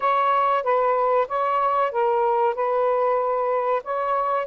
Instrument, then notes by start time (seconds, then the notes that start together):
saxophone
0.00 C#5
0.63 B4
1.28 C#5
1.91 A#4
2.54 B4
3.83 C#5